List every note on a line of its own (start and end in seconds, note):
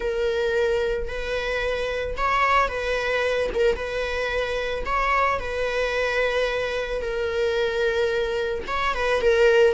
0.00 1.08 A#4
1.08 2.16 B4
2.17 2.68 C#5
2.68 3.49 B4
3.54 3.76 A#4
3.76 4.84 B4
4.85 5.39 C#5
5.39 7.01 B4
7.01 8.63 A#4
8.67 8.94 C#5
8.94 9.21 B4
9.21 9.74 A#4